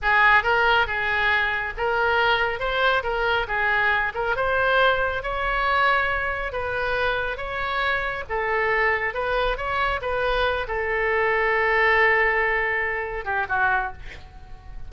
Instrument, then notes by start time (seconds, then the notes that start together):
oboe
0.02 G#4
0.43 A#4
0.86 G#4
1.77 A#4
2.59 C5
3.03 A#4
3.47 G#4
4.14 A#4
4.36 C5
5.23 C#5
6.52 B4
7.37 C#5
8.29 A4
9.13 B4
9.57 C#5
10.01 B4
10.67 A4
13.24 G4
13.48 F#4